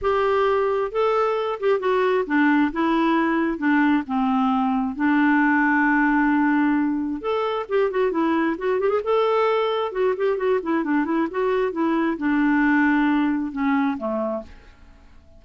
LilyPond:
\new Staff \with { instrumentName = "clarinet" } { \time 4/4 \tempo 4 = 133 g'2 a'4. g'8 | fis'4 d'4 e'2 | d'4 c'2 d'4~ | d'1 |
a'4 g'8 fis'8 e'4 fis'8 g'16 gis'16 | a'2 fis'8 g'8 fis'8 e'8 | d'8 e'8 fis'4 e'4 d'4~ | d'2 cis'4 a4 | }